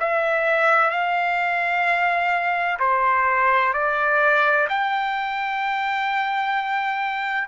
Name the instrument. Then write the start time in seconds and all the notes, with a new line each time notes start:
trumpet
0.00 E5
0.91 F5
2.80 C5
3.74 D5
4.70 G5